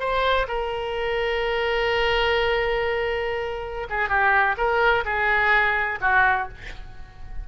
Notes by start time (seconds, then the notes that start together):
0.00 C5
0.48 A#4
3.90 G#4
4.09 G4
4.57 A#4
5.05 G#4
6.01 F#4